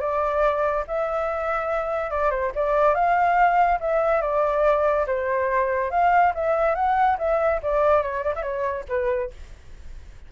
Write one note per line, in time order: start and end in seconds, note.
0.00 0.85 D5
0.88 2.11 E5
2.11 2.31 D5
2.31 2.52 C5
2.55 2.95 D5
2.95 3.79 F5
3.80 4.22 E5
4.22 5.06 D5
5.07 5.91 C5
5.91 6.33 F5
6.35 6.75 E5
6.75 7.18 F#5
7.19 7.61 E5
7.63 8.02 D5
8.02 8.24 C#5
8.24 8.34 D5
8.36 8.43 E5
8.43 8.85 C#5
8.89 9.31 B4